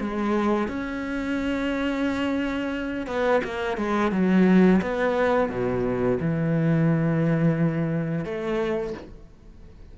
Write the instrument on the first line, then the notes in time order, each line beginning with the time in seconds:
cello
0.00 G#3
0.68 C#4
3.07 B3
3.44 A#3
3.77 G#3
4.12 F#3
4.82 B3
5.49 B2
6.20 E3
8.24 A3